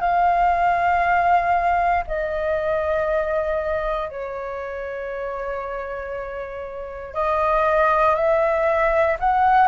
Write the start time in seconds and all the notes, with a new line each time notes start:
0.00 F5
2.07 D#5
4.09 C#5
7.14 D#5
8.15 E5
9.19 F#5